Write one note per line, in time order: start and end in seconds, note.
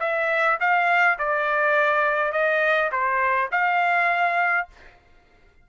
0.00 0.58 E5
0.60 1.18 F5
1.19 2.32 D5
2.32 2.90 D#5
2.92 3.50 C5
3.52 4.68 F5